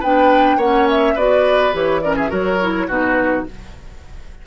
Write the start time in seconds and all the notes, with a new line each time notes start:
0.00 B3 D4 B4 G5
0.57 A#3 C#4 C#5 F#5
0.89 E5
1.15 B3 F#4 B4 D5
1.73 E3 G4 C#5
2.01 C#4 A#4 D5
2.17 G#4 E5
2.29 F#3 F#4 A#4 C#5
2.62 E4
2.88 B2 D#4 F#4 B4